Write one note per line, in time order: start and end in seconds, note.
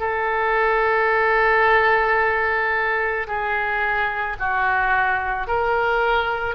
0.00 3.27 A4
3.28 4.37 G#4
4.40 5.48 F#4
5.48 6.56 A#4